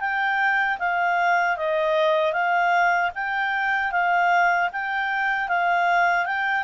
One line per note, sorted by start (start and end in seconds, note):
0.00 0.78 G5
0.79 1.57 F5
1.57 2.33 D#5
2.33 3.11 F5
3.15 3.92 G5
3.92 4.70 F5
4.72 5.48 G5
5.48 6.26 F5
6.26 6.63 G5